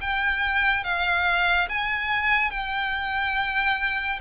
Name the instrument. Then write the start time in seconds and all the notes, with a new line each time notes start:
violin
0.00 G5
0.83 F5
1.69 G#5
2.50 G5